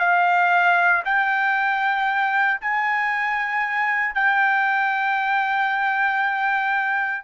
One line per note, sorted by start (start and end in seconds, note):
0.00 1.03 F5
1.06 2.61 G5
2.61 4.15 G#5
4.15 7.24 G5